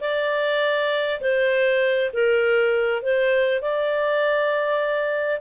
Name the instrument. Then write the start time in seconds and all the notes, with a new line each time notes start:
clarinet
0.00 D5
1.21 C5
2.13 A#4
3.02 C5
3.61 D5